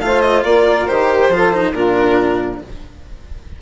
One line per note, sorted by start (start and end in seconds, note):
0.00 0.43 A3
0.00 0.88 F4
0.00 0.46 C5
0.00 0.21 F5
0.21 0.43 D#5
0.44 0.87 A#3
0.44 1.32 A#4
0.44 0.87 D5
0.87 1.29 D#3
0.87 1.31 G4
0.87 1.73 C5
1.29 1.72 F3
1.29 1.53 F4
1.29 1.73 A4
1.53 1.74 D#4
1.73 2.59 A#2
1.73 2.61 D4
1.73 2.59 F4
1.73 2.59 A#4